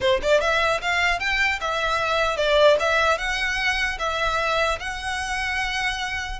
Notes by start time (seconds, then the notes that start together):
0.01 C5
0.22 D5
0.41 E5
0.81 F5
1.19 G5
1.61 E5
2.37 D5
2.79 E5
3.17 F#5
3.98 E5
4.79 F#5